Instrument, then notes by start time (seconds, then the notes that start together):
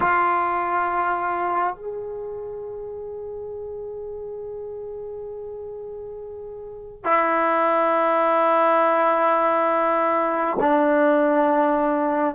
trombone
0.00 F4
1.75 G#4
7.04 E4
10.60 D4